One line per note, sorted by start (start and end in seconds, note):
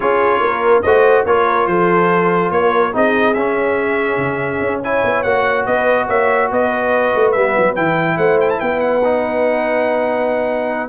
0.00 0.39 C#4
0.00 0.83 F4
0.00 0.42 G#4
0.00 0.82 C#5
0.39 0.81 A#3
0.39 0.83 A#4
0.82 1.25 A3
0.82 1.27 F#4
0.82 1.25 C5
0.82 1.24 D#5
1.25 1.67 A#3
1.25 2.93 F4
1.25 1.69 A#4
1.25 1.67 C#5
1.67 2.50 F3
1.67 2.53 A4
1.67 2.51 C5
2.50 2.92 A#3
2.50 2.95 A#4
2.50 2.93 C#5
2.93 3.35 C4
2.93 3.35 D#4
2.93 4.82 G#4
2.93 3.34 D#5
3.34 4.17 C#4
3.34 4.83 C#4
3.34 4.81 E5
4.17 4.59 C#3
4.61 5.03 C#4
4.82 5.25 E4
4.82 5.66 C#5
4.82 5.23 G#5
5.04 5.24 B3
5.23 5.66 A#3
5.23 7.35 F#4
5.23 5.65 F#5
5.65 6.08 B3
5.65 6.07 B4
5.65 6.07 D#5
6.07 6.50 A#3
6.07 6.49 C#5
6.07 6.50 E5
6.50 7.13 B3
6.50 8.17 B4
6.50 7.31 D#5
7.14 7.35 A3
7.31 7.56 G3
7.31 7.76 B3
7.31 7.73 E5
7.57 7.77 F#3
7.75 8.17 E3
7.75 9.02 E4
7.75 8.17 G5
8.17 8.59 A3
8.17 8.59 C5
8.17 8.38 F#5
8.40 8.49 G5
8.49 8.60 A5
8.59 10.88 B3
8.59 10.88 B4
8.59 8.80 G5
8.80 10.88 F#5
9.04 10.88 D#4